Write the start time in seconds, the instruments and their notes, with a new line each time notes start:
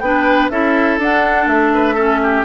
0.00 bassoon B3, clarinet D4, oboe B4, flute G5
0.50 bassoon C#4, clarinet E4, oboe A4, flute E5
0.98 bassoon D4, clarinet D4, flute F#5
1.46 bassoon A3, flute E5
1.74 oboe B4
1.95 clarinet C#4, oboe A4
2.23 oboe G4